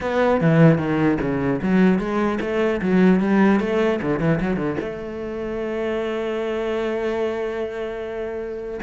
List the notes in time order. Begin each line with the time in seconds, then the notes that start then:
0.00 B3
0.40 E3
0.78 D#3
1.21 C#3
1.62 F#3
1.99 G#3
2.40 A3
2.81 F#3
3.20 G3
3.59 A3
4.02 D3
4.19 E3
4.40 F#3
4.56 D3
4.79 A3